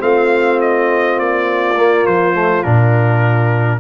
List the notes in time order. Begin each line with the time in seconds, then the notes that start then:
0.00 A3 C4 F4 F5
0.61 D#5
1.18 A#3 D5
1.78 A#3
2.06 F3 C5
2.35 A3
2.63 A#2 D4 A#4